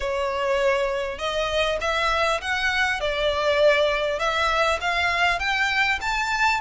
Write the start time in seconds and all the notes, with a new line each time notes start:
0.00 C#5
1.18 D#5
1.81 E5
2.41 F#5
3.00 D5
4.19 E5
4.81 F5
5.39 G5
6.01 A5